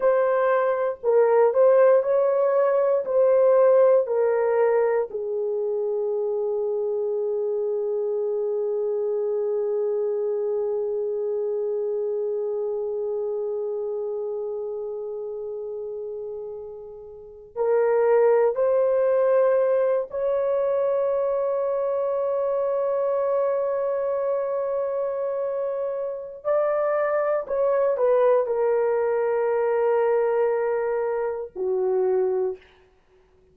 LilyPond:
\new Staff \with { instrumentName = "horn" } { \time 4/4 \tempo 4 = 59 c''4 ais'8 c''8 cis''4 c''4 | ais'4 gis'2.~ | gis'1~ | gis'1~ |
gis'4~ gis'16 ais'4 c''4. cis''16~ | cis''1~ | cis''2 d''4 cis''8 b'8 | ais'2. fis'4 | }